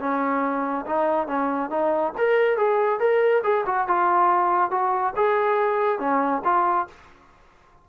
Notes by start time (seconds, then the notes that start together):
0.00 C#4
0.86 D#4
1.28 C#4
1.70 D#4
2.18 A#4
2.58 G#4
3.00 A#4
3.44 G#4
3.67 F#4
3.88 F4
4.71 F#4
5.16 G#4
6.00 C#4
6.45 F4